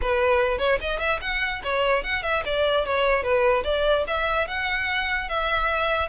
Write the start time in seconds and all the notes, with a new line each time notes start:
0.01 B4
0.58 C#5
0.81 D#5
0.99 E5
1.21 F#5
1.63 C#5
2.03 F#5
2.22 E5
2.45 D5
2.85 C#5
3.23 B4
3.64 D5
4.07 E5
4.47 F#5
5.29 E5